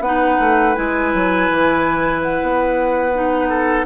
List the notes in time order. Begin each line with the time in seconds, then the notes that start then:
0.00 B3 D#4 B4 F#5
0.39 A3
0.75 G#3 E4 G#5
1.14 F#3
1.50 E3
2.22 F#5
2.41 B3
3.13 D#4
3.49 A4